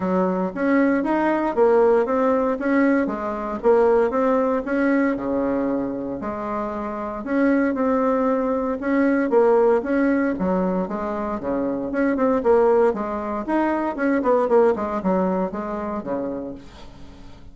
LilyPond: \new Staff \with { instrumentName = "bassoon" } { \time 4/4 \tempo 4 = 116 fis4 cis'4 dis'4 ais4 | c'4 cis'4 gis4 ais4 | c'4 cis'4 cis2 | gis2 cis'4 c'4~ |
c'4 cis'4 ais4 cis'4 | fis4 gis4 cis4 cis'8 c'8 | ais4 gis4 dis'4 cis'8 b8 | ais8 gis8 fis4 gis4 cis4 | }